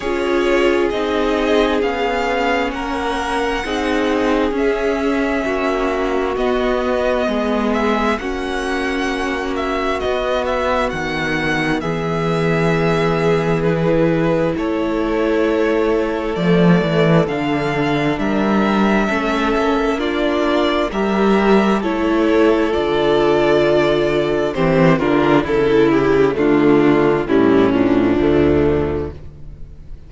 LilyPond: <<
  \new Staff \with { instrumentName = "violin" } { \time 4/4 \tempo 4 = 66 cis''4 dis''4 f''4 fis''4~ | fis''4 e''2 dis''4~ | dis''8 e''8 fis''4. e''8 dis''8 e''8 | fis''4 e''2 b'4 |
cis''2 d''4 f''4 | e''2 d''4 e''4 | cis''4 d''2 c''8 ais'8 | a'8 g'8 f'4 e'8 d'4. | }
  \new Staff \with { instrumentName = "violin" } { \time 4/4 gis'2. ais'4 | gis'2 fis'2 | gis'4 fis'2.~ | fis'4 gis'2. |
a'1 | ais'4 a'4 f'4 ais'4 | a'2. g'8 f'8 | e'4 d'4 cis'4 a4 | }
  \new Staff \with { instrumentName = "viola" } { \time 4/4 f'4 dis'4 cis'2 | dis'4 cis'2 b4~ | b4 cis'2 b4~ | b2. e'4~ |
e'2 a4 d'4~ | d'4 cis'4 d'4 g'4 | e'4 f'2 c'8 d'8 | e'4 a4 g8 f4. | }
  \new Staff \with { instrumentName = "cello" } { \time 4/4 cis'4 c'4 b4 ais4 | c'4 cis'4 ais4 b4 | gis4 ais2 b4 | dis4 e2. |
a2 f8 e8 d4 | g4 a8 ais4. g4 | a4 d2 e8 d8 | cis4 d4 a,4 d,4 | }
>>